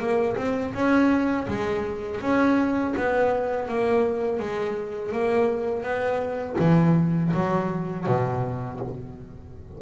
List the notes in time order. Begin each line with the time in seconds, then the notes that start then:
0.00 A#3
0.37 C4
0.74 C#4
1.48 G#3
2.22 C#4
2.97 B3
3.69 A#3
4.40 G#3
5.13 A#3
5.83 B3
6.60 E3
7.34 F#3
8.07 B2